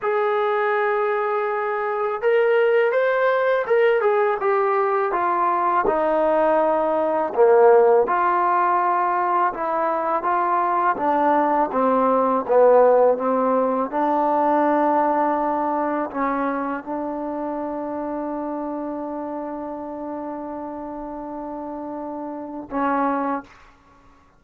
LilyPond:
\new Staff \with { instrumentName = "trombone" } { \time 4/4 \tempo 4 = 82 gis'2. ais'4 | c''4 ais'8 gis'8 g'4 f'4 | dis'2 ais4 f'4~ | f'4 e'4 f'4 d'4 |
c'4 b4 c'4 d'4~ | d'2 cis'4 d'4~ | d'1~ | d'2. cis'4 | }